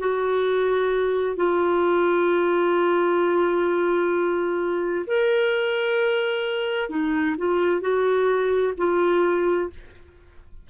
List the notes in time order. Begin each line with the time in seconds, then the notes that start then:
0.00 F#4
1.36 F4
5.07 A#4
6.90 D#4
7.38 F4
7.81 F#4
8.78 F4